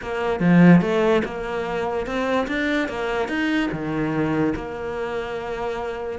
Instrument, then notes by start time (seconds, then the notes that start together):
cello
0.02 A#3
0.40 F3
0.81 A3
1.24 A#3
2.06 C4
2.47 D4
2.88 A#3
3.28 D#4
3.71 D#3
4.55 A#3